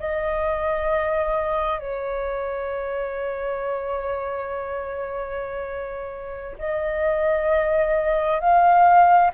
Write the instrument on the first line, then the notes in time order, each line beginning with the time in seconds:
flute
0.00 D#5
1.79 C#5
6.59 D#5
8.40 F5